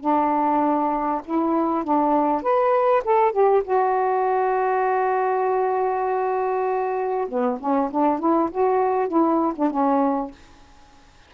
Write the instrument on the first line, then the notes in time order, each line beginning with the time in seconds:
saxophone
0.00 D4
1.25 E4
1.84 D4
2.42 B4
3.04 A4
3.32 G4
3.64 F#4
7.28 B3
7.60 C#4
7.91 D4
8.19 E4
8.51 F#4
9.07 E4
9.55 D4
9.70 C#4